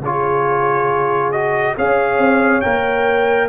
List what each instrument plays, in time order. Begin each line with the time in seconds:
0.00 tuba C#3, trombone F4, horn G#4, trumpet C#5
1.32 trombone F#4, trumpet D#5
1.76 tuba C#4, trombone G#4, horn C#5, trumpet F5
2.18 tuba C4
2.61 tuba A#3, trombone A#4, trumpet G5